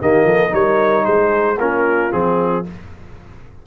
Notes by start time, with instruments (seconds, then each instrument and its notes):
0.00 tuba D#3, trombone A#3, horn G4, trumpet D#5
0.25 tuba F3, horn A4
0.50 tuba G3, trombone D#4, horn A#4, trumpet C#5
1.04 tuba G#3, horn G#4, trumpet C5
1.58 tuba A#3, trombone C#4, horn F4, trumpet A#4
2.11 tuba F3, trombone C4, trumpet G#4